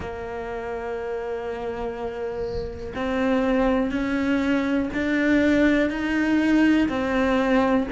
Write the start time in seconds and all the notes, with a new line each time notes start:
0.00 A#3
2.95 C4
3.91 C#4
4.93 D4
5.90 D#4
6.89 C4